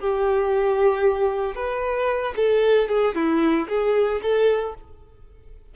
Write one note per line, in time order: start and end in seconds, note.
0.00 1.56 G4
1.56 2.34 B4
2.37 2.89 A4
2.89 3.15 G#4
3.16 3.68 E4
3.69 4.21 G#4
4.22 4.75 A4